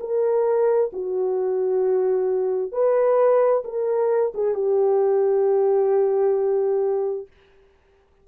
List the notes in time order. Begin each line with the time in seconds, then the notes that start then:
0.00 A#4
0.93 F#4
2.72 B4
3.64 A#4
4.35 G#4
4.55 G4